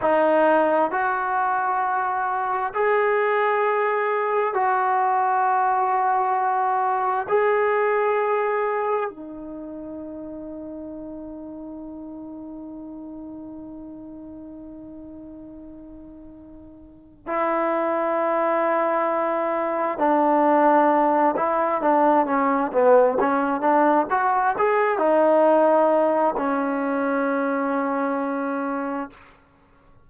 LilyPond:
\new Staff \with { instrumentName = "trombone" } { \time 4/4 \tempo 4 = 66 dis'4 fis'2 gis'4~ | gis'4 fis'2. | gis'2 dis'2~ | dis'1~ |
dis'2. e'4~ | e'2 d'4. e'8 | d'8 cis'8 b8 cis'8 d'8 fis'8 gis'8 dis'8~ | dis'4 cis'2. | }